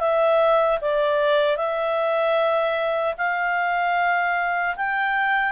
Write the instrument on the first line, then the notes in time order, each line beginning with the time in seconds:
clarinet
0.00 E5
0.81 D5
1.57 E5
3.18 F5
4.77 G5